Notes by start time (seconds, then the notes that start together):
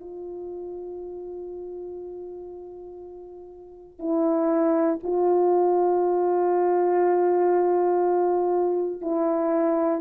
0.00 F4
3.99 E4
5.03 F4
9.01 E4